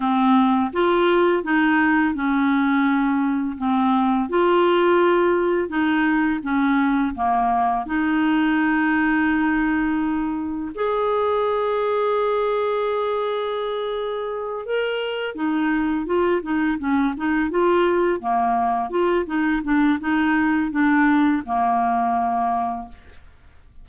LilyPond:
\new Staff \with { instrumentName = "clarinet" } { \time 4/4 \tempo 4 = 84 c'4 f'4 dis'4 cis'4~ | cis'4 c'4 f'2 | dis'4 cis'4 ais4 dis'4~ | dis'2. gis'4~ |
gis'1~ | gis'8 ais'4 dis'4 f'8 dis'8 cis'8 | dis'8 f'4 ais4 f'8 dis'8 d'8 | dis'4 d'4 ais2 | }